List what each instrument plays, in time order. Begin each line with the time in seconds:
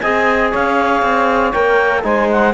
0.00 cello C4, trombone G#4, saxophone D#5, clarinet G#5
0.51 cello C#4, saxophone C#5, clarinet F5
1.03 cello C4
1.53 cello A#3, trombone A#4, clarinet G5
2.03 cello G#3, trombone D#4, saxophone C5, clarinet G#5
2.31 clarinet F#5